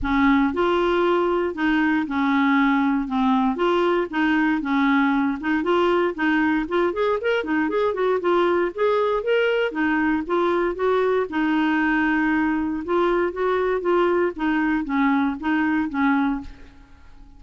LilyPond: \new Staff \with { instrumentName = "clarinet" } { \time 4/4 \tempo 4 = 117 cis'4 f'2 dis'4 | cis'2 c'4 f'4 | dis'4 cis'4. dis'8 f'4 | dis'4 f'8 gis'8 ais'8 dis'8 gis'8 fis'8 |
f'4 gis'4 ais'4 dis'4 | f'4 fis'4 dis'2~ | dis'4 f'4 fis'4 f'4 | dis'4 cis'4 dis'4 cis'4 | }